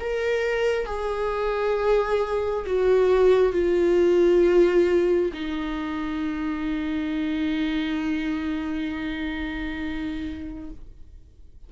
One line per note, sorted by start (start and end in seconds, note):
0.00 0.86 A#4
0.86 2.65 G#4
2.66 3.53 F#4
3.53 5.32 F4
5.33 10.71 D#4